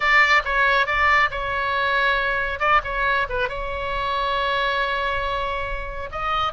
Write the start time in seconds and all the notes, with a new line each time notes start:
0.00 D5
0.45 C#5
0.86 D5
1.30 C#5
2.59 D5
2.84 C#5
3.29 B4
3.48 C#5
6.11 D#5